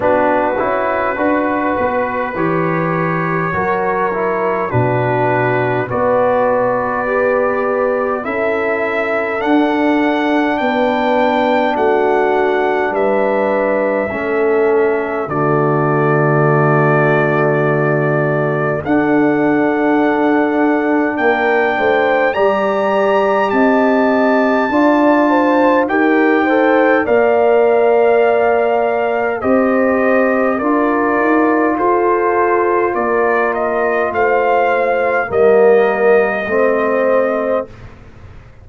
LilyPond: <<
  \new Staff \with { instrumentName = "trumpet" } { \time 4/4 \tempo 4 = 51 b'2 cis''2 | b'4 d''2 e''4 | fis''4 g''4 fis''4 e''4~ | e''4 d''2. |
fis''2 g''4 ais''4 | a''2 g''4 f''4~ | f''4 dis''4 d''4 c''4 | d''8 dis''8 f''4 dis''2 | }
  \new Staff \with { instrumentName = "horn" } { \time 4/4 fis'4 b'2 ais'4 | fis'4 b'2 a'4~ | a'4 b'4 fis'4 b'4 | a'4 fis'2. |
a'2 ais'8 c''8 d''4 | dis''4 d''8 c''8 ais'8 c''8 d''4~ | d''4 c''4 ais'4 a'4 | ais'4 c''4 ais'4 c''4 | }
  \new Staff \with { instrumentName = "trombone" } { \time 4/4 d'8 e'8 fis'4 g'4 fis'8 e'8 | d'4 fis'4 g'4 e'4 | d'1 | cis'4 a2. |
d'2. g'4~ | g'4 f'4 g'8 a'8 ais'4~ | ais'4 g'4 f'2~ | f'2 ais4 c'4 | }
  \new Staff \with { instrumentName = "tuba" } { \time 4/4 b8 cis'8 d'8 b8 e4 fis4 | b,4 b2 cis'4 | d'4 b4 a4 g4 | a4 d2. |
d'2 ais8 a8 g4 | c'4 d'4 dis'4 ais4~ | ais4 c'4 d'8 dis'8 f'4 | ais4 a4 g4 a4 | }
>>